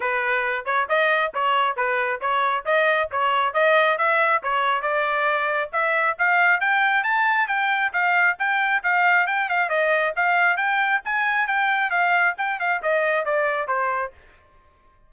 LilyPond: \new Staff \with { instrumentName = "trumpet" } { \time 4/4 \tempo 4 = 136 b'4. cis''8 dis''4 cis''4 | b'4 cis''4 dis''4 cis''4 | dis''4 e''4 cis''4 d''4~ | d''4 e''4 f''4 g''4 |
a''4 g''4 f''4 g''4 | f''4 g''8 f''8 dis''4 f''4 | g''4 gis''4 g''4 f''4 | g''8 f''8 dis''4 d''4 c''4 | }